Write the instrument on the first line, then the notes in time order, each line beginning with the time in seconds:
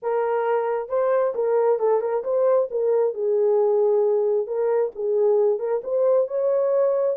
horn
0.02 A#4
0.89 C5
1.34 A#4
1.79 A4
2.00 A#4
2.24 C5
2.70 A#4
3.14 G#4
4.46 A#4
4.95 G#4
5.59 A#4
5.83 C5
6.27 C#5